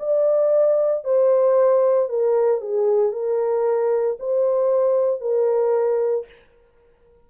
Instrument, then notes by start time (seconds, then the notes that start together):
horn
0.00 D5
1.04 C5
2.09 A#4
2.61 G#4
3.12 A#4
4.20 C5
5.21 A#4